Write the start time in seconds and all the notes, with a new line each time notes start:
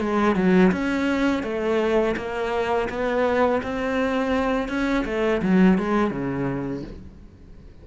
0.00 G#3
0.36 F#3
0.72 C#4
1.44 A3
2.17 A#3
2.89 B3
3.63 C4
4.69 C#4
5.06 A3
5.42 F#3
5.79 G#3
6.11 C#3